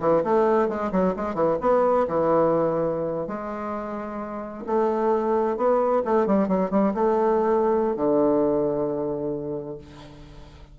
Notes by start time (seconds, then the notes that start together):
0.00 E3
0.24 A3
0.69 G#3
0.92 F#3
1.16 G#3
1.35 E3
1.61 B3
2.08 E3
3.27 G#3
4.67 A3
5.57 B3
6.05 A3
6.26 G3
6.48 F#3
6.71 G3
6.94 A3
7.96 D3